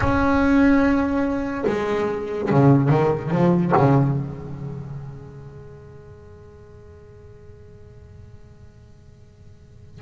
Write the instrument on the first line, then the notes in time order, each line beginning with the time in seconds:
double bass
0.00 C#4
1.66 G#3
2.50 C#3
2.89 D#3
3.30 F3
3.77 C#3
4.18 G#3